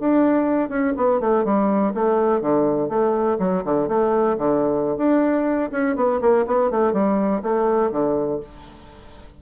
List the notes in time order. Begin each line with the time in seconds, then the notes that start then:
0.00 D4
0.69 C#4
0.96 B3
1.20 A3
1.45 G3
1.94 A3
2.41 D3
2.89 A3
3.39 F#3
3.65 D3
3.88 A3
4.38 D3
4.98 D4
5.71 C#4
5.96 B3
6.21 A#3
6.47 B3
6.71 A3
6.93 G3
7.43 A3
7.91 D3